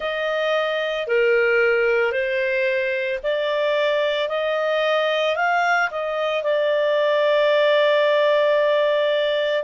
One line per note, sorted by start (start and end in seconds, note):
0.00 1.07 D#5
1.07 2.12 A#4
2.12 3.19 C5
3.23 4.29 D5
4.29 5.36 D#5
5.36 5.89 F5
5.90 6.43 D#5
6.43 9.63 D5